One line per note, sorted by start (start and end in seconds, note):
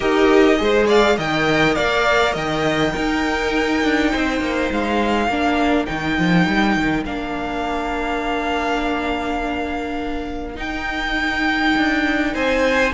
0.00 0.60 D#4
0.00 0.56 G4
0.00 0.57 A#4
0.00 0.86 D#5
0.57 1.18 G#3
0.57 1.16 G#4
0.63 0.86 C5
0.86 1.15 D5
0.86 1.18 F5
1.17 1.76 D#3
1.17 2.93 A#4
1.17 1.76 D#5
1.17 1.74 G5
1.74 2.35 A#3
1.74 2.32 D5
1.74 2.33 F5
2.32 2.94 D#3
2.32 2.91 D#5
2.32 4.72 G5
2.92 5.28 D#4
2.92 3.83 D#4
2.92 4.10 A#4
3.83 4.13 D4
4.10 4.40 C4
4.10 5.28 C5
4.40 4.69 A#3
4.71 5.28 G#3
4.71 5.85 F5
5.28 5.86 A#3
5.28 5.86 D4
5.28 12.33 A#4
5.85 6.18 D#3
5.85 7.04 D#4
5.85 7.03 G5
6.18 6.47 F3
6.47 6.76 G3
6.76 7.05 D#3
7.05 10.56 A#3
7.05 10.55 D4
7.05 10.58 F5
10.55 12.90 D#4
10.55 11.74 D#4
10.55 12.34 G5
11.76 12.34 D4
12.33 12.93 C4
12.33 12.92 C5
12.33 12.93 G#5